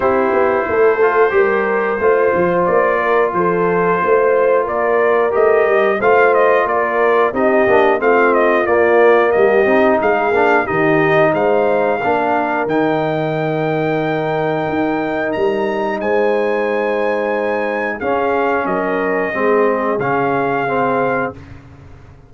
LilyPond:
<<
  \new Staff \with { instrumentName = "trumpet" } { \time 4/4 \tempo 4 = 90 c''1 | d''4 c''2 d''4 | dis''4 f''8 dis''8 d''4 dis''4 | f''8 dis''8 d''4 dis''4 f''4 |
dis''4 f''2 g''4~ | g''2. ais''4 | gis''2. f''4 | dis''2 f''2 | }
  \new Staff \with { instrumentName = "horn" } { \time 4/4 g'4 a'4 ais'4 c''4~ | c''8 ais'8 a'4 c''4 ais'4~ | ais'4 c''4 ais'4 g'4 | f'2 g'4 gis'4 |
g'4 c''4 ais'2~ | ais'1 | c''2. gis'4 | ais'4 gis'2. | }
  \new Staff \with { instrumentName = "trombone" } { \time 4/4 e'4. f'8 g'4 f'4~ | f'1 | g'4 f'2 dis'8 d'8 | c'4 ais4. dis'4 d'8 |
dis'2 d'4 dis'4~ | dis'1~ | dis'2. cis'4~ | cis'4 c'4 cis'4 c'4 | }
  \new Staff \with { instrumentName = "tuba" } { \time 4/4 c'8 b8 a4 g4 a8 f8 | ais4 f4 a4 ais4 | a8 g8 a4 ais4 c'8 ais8 | a4 ais4 g8 c'8 gis8 ais8 |
dis4 gis4 ais4 dis4~ | dis2 dis'4 g4 | gis2. cis'4 | fis4 gis4 cis2 | }
>>